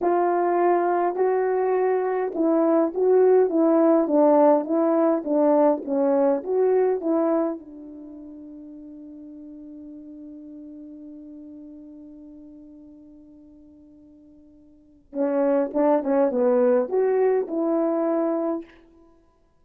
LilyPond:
\new Staff \with { instrumentName = "horn" } { \time 4/4 \tempo 4 = 103 f'2 fis'2 | e'4 fis'4 e'4 d'4 | e'4 d'4 cis'4 fis'4 | e'4 d'2.~ |
d'1~ | d'1~ | d'2 cis'4 d'8 cis'8 | b4 fis'4 e'2 | }